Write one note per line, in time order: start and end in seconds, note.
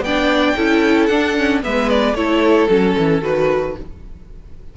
0.00 0.53 B3
0.00 0.56 D4
0.00 0.56 D5
0.00 1.06 G5
0.56 1.09 C#4
0.56 1.10 E4
0.56 1.62 A4
1.06 1.62 D4
1.06 1.36 D4
1.06 1.59 F#5
1.36 1.61 C#4
1.61 2.13 G#3
1.61 2.14 B3
1.61 2.17 B4
1.61 1.89 E5
1.89 2.14 D5
2.13 2.66 A3
2.13 2.69 E4
2.13 3.76 A4
2.13 2.68 C#5
2.68 2.96 F#3
2.68 3.21 C#4
2.68 3.21 A4
2.97 3.22 E3
3.21 3.75 D#3
3.21 3.74 F#4
3.21 3.77 B4